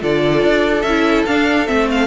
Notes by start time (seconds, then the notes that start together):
0.00 D3 F4 A4 D5
0.43 D4
0.82 C#4 E5
0.88 E4
1.26 D4 F5
1.66 A3 C4 E5
1.91 F5